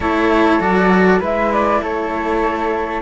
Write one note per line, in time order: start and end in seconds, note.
0.00 0.59 A3
0.00 0.60 E4
0.00 1.19 A4
0.00 0.60 C#5
0.60 1.20 F#3
0.60 1.19 F#4
0.60 1.21 D5
1.19 1.81 G#3
1.19 3.01 E4
1.19 1.80 B4
1.19 1.52 E5
1.52 1.82 D5
1.81 3.02 A3
1.81 3.02 A4
1.81 3.02 C#5